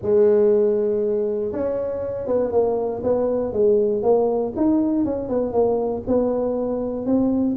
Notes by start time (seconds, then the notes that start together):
0.01 G#3
1.52 C#4
2.27 B3
2.51 A#3
3.03 B3
3.52 G#3
4.02 A#3
4.56 D#4
5.04 C#4
5.28 B3
5.52 A#3
6.07 B3
7.06 C4